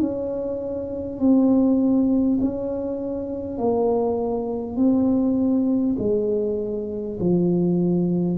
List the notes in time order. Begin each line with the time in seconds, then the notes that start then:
0.00 C#4
1.19 C4
2.41 C#4
3.58 A#3
4.76 C4
5.98 G#3
7.20 F3